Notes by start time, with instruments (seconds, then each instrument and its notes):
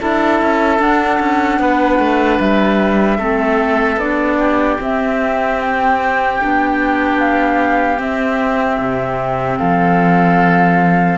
0.00 cello D4, clarinet E4, oboe A4, flute E5
0.42 cello C#4
0.80 cello D4, clarinet D4, flute F#5
1.20 cello C#4
1.59 cello B3, oboe B4
2.00 cello A3
2.40 cello G3, flute E5
3.18 cello A3, clarinet C4, oboe A4
3.97 cello B3, clarinet D4, flute D5
4.39 oboe G4
4.80 clarinet C4, cello C4, flute E5
5.61 flute G5
6.39 cello B3, clarinet D4
7.20 flute F5
7.99 clarinet C4, cello C4, flute E5
8.80 cello C3
9.58 cello F3, oboe A4, flute F5